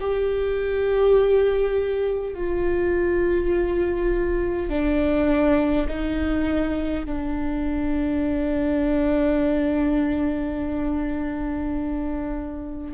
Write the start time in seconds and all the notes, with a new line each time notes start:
0.00 G4
2.34 F4
4.70 D4
5.88 D#4
7.05 D4